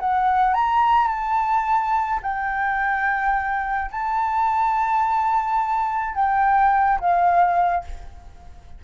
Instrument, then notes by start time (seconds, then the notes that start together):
flute
0.00 F#5
0.54 A#5
1.08 A5
2.23 G5
3.92 A5
6.15 G5
7.00 F5